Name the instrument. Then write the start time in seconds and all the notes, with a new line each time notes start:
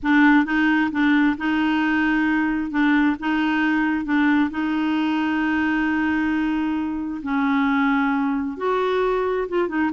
clarinet
0.02 D4
0.45 D#4
0.91 D4
1.37 D#4
2.70 D4
3.19 D#4
4.04 D4
4.50 D#4
7.22 C#4
8.57 F#4
9.48 F4
9.68 D#4